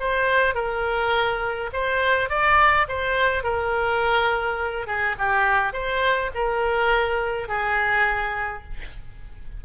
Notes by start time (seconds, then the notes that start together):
0.00 C5
0.55 A#4
1.73 C5
2.30 D5
2.88 C5
3.44 A#4
4.87 G#4
5.18 G4
5.73 C5
6.35 A#4
7.48 G#4